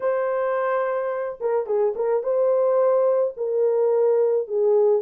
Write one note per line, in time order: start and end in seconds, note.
0.00 1.39 C5
1.40 1.66 A#4
1.66 1.94 G#4
1.95 2.23 A#4
2.23 3.34 C5
3.36 4.47 A#4
4.47 5.02 G#4